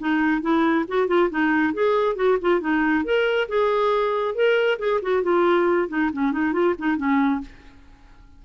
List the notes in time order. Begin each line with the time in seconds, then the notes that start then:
0.00 D#4
0.42 E4
0.88 F#4
1.08 F4
1.30 D#4
1.74 G#4
2.16 F#4
2.42 F4
2.61 D#4
3.05 A#4
3.49 G#4
4.35 A#4
4.79 G#4
5.02 F#4
5.23 F4
5.89 D#4
6.13 C#4
6.32 D#4
6.53 F4
6.79 D#4
6.98 C#4